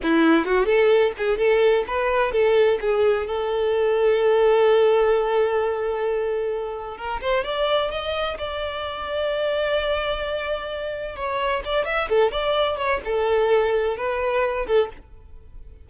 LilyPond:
\new Staff \with { instrumentName = "violin" } { \time 4/4 \tempo 4 = 129 e'4 fis'8 a'4 gis'8 a'4 | b'4 a'4 gis'4 a'4~ | a'1~ | a'2. ais'8 c''8 |
d''4 dis''4 d''2~ | d''1 | cis''4 d''8 e''8 a'8 d''4 cis''8 | a'2 b'4. a'8 | }